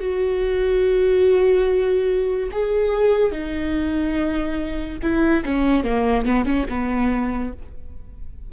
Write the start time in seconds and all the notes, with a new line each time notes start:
0.00 F#4
2.52 G#4
3.32 D#4
5.03 E4
5.45 C#4
5.84 A#3
6.25 B3
6.46 C#4
6.69 B3